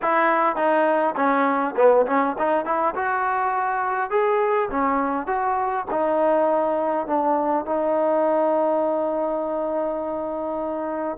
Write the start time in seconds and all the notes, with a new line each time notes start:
0.02 E4
0.56 D#4
1.16 C#4
1.76 B3
2.06 C#4
2.38 D#4
2.65 E4
2.95 F#4
4.10 G#4
4.70 C#4
5.26 F#4
5.90 D#4
7.06 D4
7.65 D#4